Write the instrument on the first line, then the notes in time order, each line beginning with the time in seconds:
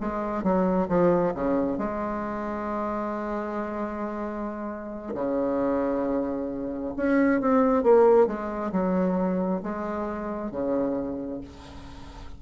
bassoon
0.00 G#3
0.43 F#3
0.88 F3
1.34 C#3
1.78 G#3
5.14 C#3
6.96 C#4
7.40 C4
7.83 A#3
8.27 G#3
8.72 F#3
9.63 G#3
10.51 C#3